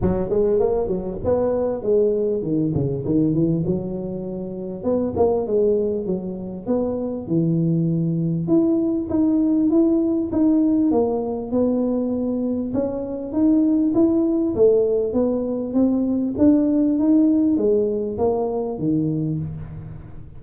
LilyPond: \new Staff \with { instrumentName = "tuba" } { \time 4/4 \tempo 4 = 99 fis8 gis8 ais8 fis8 b4 gis4 | dis8 cis8 dis8 e8 fis2 | b8 ais8 gis4 fis4 b4 | e2 e'4 dis'4 |
e'4 dis'4 ais4 b4~ | b4 cis'4 dis'4 e'4 | a4 b4 c'4 d'4 | dis'4 gis4 ais4 dis4 | }